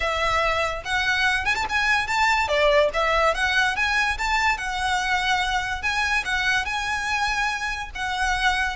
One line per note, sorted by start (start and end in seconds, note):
0.00 0.83 E5
0.84 1.45 F#5
1.45 1.55 G#5
1.55 1.65 A5
1.69 2.07 G#5
2.07 2.48 A5
2.48 2.89 D5
2.93 3.34 E5
3.34 3.76 F#5
3.76 4.17 G#5
4.17 4.57 A5
4.57 5.82 F#5
5.82 6.24 G#5
6.24 6.65 F#5
6.65 7.90 G#5
7.94 8.76 F#5